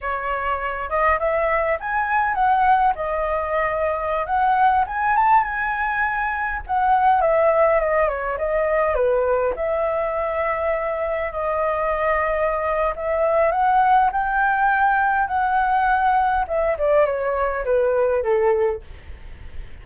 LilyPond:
\new Staff \with { instrumentName = "flute" } { \time 4/4 \tempo 4 = 102 cis''4. dis''8 e''4 gis''4 | fis''4 dis''2~ dis''16 fis''8.~ | fis''16 gis''8 a''8 gis''2 fis''8.~ | fis''16 e''4 dis''8 cis''8 dis''4 b'8.~ |
b'16 e''2. dis''8.~ | dis''2 e''4 fis''4 | g''2 fis''2 | e''8 d''8 cis''4 b'4 a'4 | }